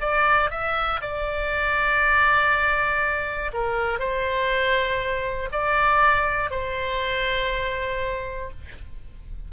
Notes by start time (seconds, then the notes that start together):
0.00 D5
0.50 E5
1.01 D5
3.52 A#4
3.99 C5
5.51 D5
6.50 C5